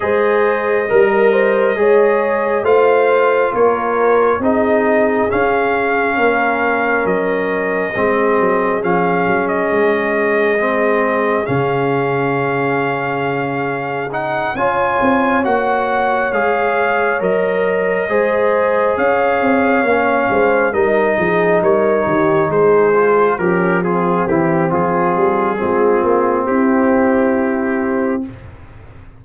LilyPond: <<
  \new Staff \with { instrumentName = "trumpet" } { \time 4/4 \tempo 4 = 68 dis''2. f''4 | cis''4 dis''4 f''2 | dis''2 f''8. dis''4~ dis''16~ | dis''4 f''2. |
fis''8 gis''4 fis''4 f''4 dis''8~ | dis''4. f''2 dis''8~ | dis''8 cis''4 c''4 ais'8 gis'8 g'8 | gis'2 g'2 | }
  \new Staff \with { instrumentName = "horn" } { \time 4/4 c''4 ais'8 c''8 cis''4 c''4 | ais'4 gis'2 ais'4~ | ais'4 gis'2.~ | gis'1~ |
gis'8 cis''2.~ cis''8~ | cis''8 c''4 cis''4. c''8 ais'8 | gis'8 ais'8 g'8 gis'4 cis'8 c'4~ | c'4 f'4 e'2 | }
  \new Staff \with { instrumentName = "trombone" } { \time 4/4 gis'4 ais'4 gis'4 f'4~ | f'4 dis'4 cis'2~ | cis'4 c'4 cis'2 | c'4 cis'2. |
dis'8 f'4 fis'4 gis'4 ais'8~ | ais'8 gis'2 cis'4 dis'8~ | dis'2 f'8 g'8 f'8 e'8 | f'4 c'2. | }
  \new Staff \with { instrumentName = "tuba" } { \time 4/4 gis4 g4 gis4 a4 | ais4 c'4 cis'4 ais4 | fis4 gis8 fis8 f8 fis8 gis4~ | gis4 cis2.~ |
cis8 cis'8 c'8 ais4 gis4 fis8~ | fis8 gis4 cis'8 c'8 ais8 gis8 g8 | f8 g8 dis8 gis4 f4 e8 | f8 g8 gis8 ais8 c'2 | }
>>